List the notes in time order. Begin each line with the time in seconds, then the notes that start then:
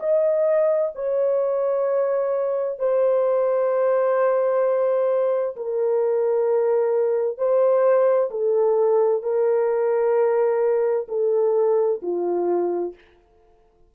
0.00 D#5
0.95 C#5
2.79 C5
5.56 A#4
7.38 C5
8.31 A4
9.23 A#4
11.09 A4
12.03 F4